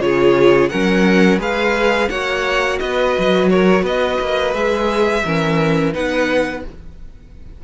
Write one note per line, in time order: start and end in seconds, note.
0.00 0.70 C#3
0.00 0.70 F4
0.00 0.71 G#4
0.00 0.69 C#5
0.69 1.39 F#3
0.69 1.39 C#4
0.69 1.39 A#4
0.69 1.39 F#5
1.39 2.09 G#3
1.39 2.09 G#4
1.39 2.09 B4
1.39 2.09 F5
2.09 2.80 A#3
2.09 4.55 F#4
2.09 2.79 C#5
2.09 2.79 F#5
2.79 3.16 B3
2.79 3.50 B4
2.79 3.49 D#5
3.18 3.82 F#3
3.49 3.83 A#4
3.49 3.84 C#5
3.82 4.17 B3
3.82 5.22 B4
3.82 4.54 D#5
4.21 4.54 A#3
4.54 5.24 G#3
4.54 5.25 G#4
4.54 5.94 E5
5.25 5.94 E3
5.25 5.92 C#4
5.25 5.93 A#4
5.92 6.64 B3
5.92 6.62 D#4
5.92 6.63 B4
5.92 6.64 F#5